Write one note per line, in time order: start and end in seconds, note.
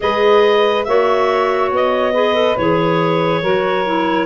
0.00 0.86 G#3
0.00 0.86 G#4
0.00 0.87 B4
0.00 0.84 D#5
0.84 1.71 A#3
0.84 2.14 F#4
0.84 2.12 C#5
0.84 1.69 E5
1.71 2.56 B3
1.71 2.57 D#5
2.12 2.34 G#4
2.12 3.41 B4
2.34 2.55 A4
2.57 3.42 E3
2.57 3.44 G#4
2.57 4.26 C#5
3.42 4.26 F#3
3.42 3.85 F#4
3.42 4.26 A#4
3.85 4.26 E4